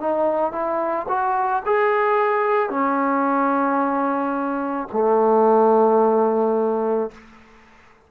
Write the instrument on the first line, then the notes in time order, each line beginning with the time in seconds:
trombone
0.00 D#4
0.52 E4
1.09 F#4
1.66 G#4
2.70 C#4
4.93 A3